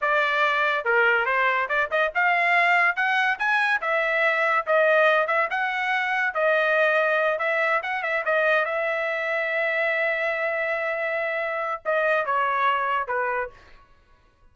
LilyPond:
\new Staff \with { instrumentName = "trumpet" } { \time 4/4 \tempo 4 = 142 d''2 ais'4 c''4 | d''8 dis''8 f''2 fis''4 | gis''4 e''2 dis''4~ | dis''8 e''8 fis''2 dis''4~ |
dis''4. e''4 fis''8 e''8 dis''8~ | dis''8 e''2.~ e''8~ | e''1 | dis''4 cis''2 b'4 | }